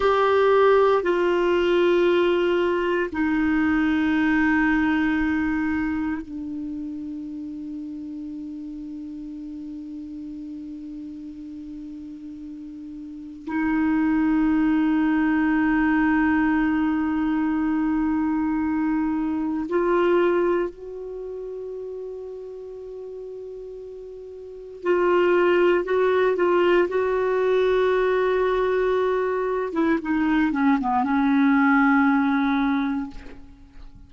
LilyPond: \new Staff \with { instrumentName = "clarinet" } { \time 4/4 \tempo 4 = 58 g'4 f'2 dis'4~ | dis'2 d'2~ | d'1~ | d'4 dis'2.~ |
dis'2. f'4 | fis'1 | f'4 fis'8 f'8 fis'2~ | fis'8. e'16 dis'8 cis'16 b16 cis'2 | }